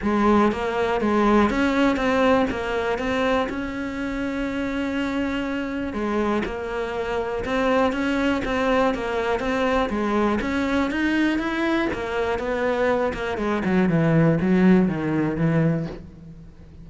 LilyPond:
\new Staff \with { instrumentName = "cello" } { \time 4/4 \tempo 4 = 121 gis4 ais4 gis4 cis'4 | c'4 ais4 c'4 cis'4~ | cis'1 | gis4 ais2 c'4 |
cis'4 c'4 ais4 c'4 | gis4 cis'4 dis'4 e'4 | ais4 b4. ais8 gis8 fis8 | e4 fis4 dis4 e4 | }